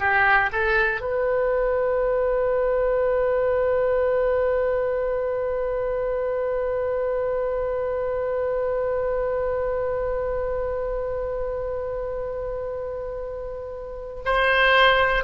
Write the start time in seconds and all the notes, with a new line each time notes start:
0.00 G4
0.53 A4
1.01 B4
14.26 C5